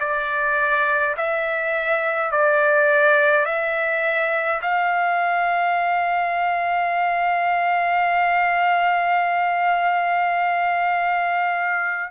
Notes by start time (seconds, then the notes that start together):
0.00 D5
1.17 E5
2.31 D5
3.46 E5
4.62 F5